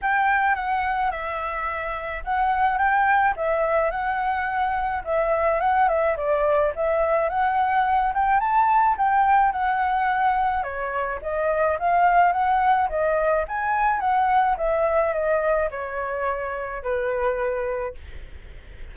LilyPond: \new Staff \with { instrumentName = "flute" } { \time 4/4 \tempo 4 = 107 g''4 fis''4 e''2 | fis''4 g''4 e''4 fis''4~ | fis''4 e''4 fis''8 e''8 d''4 | e''4 fis''4. g''8 a''4 |
g''4 fis''2 cis''4 | dis''4 f''4 fis''4 dis''4 | gis''4 fis''4 e''4 dis''4 | cis''2 b'2 | }